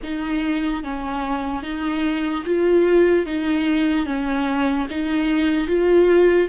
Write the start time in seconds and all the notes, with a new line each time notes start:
0.03 D#4
0.83 C#4
1.62 D#4
2.45 F4
3.25 D#4
4.06 C#4
4.89 D#4
5.67 F4